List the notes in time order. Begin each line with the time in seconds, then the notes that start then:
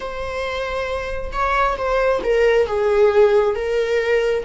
0.00 C5
1.32 C#5
1.77 C5
2.23 A#4
2.66 G#4
3.55 A#4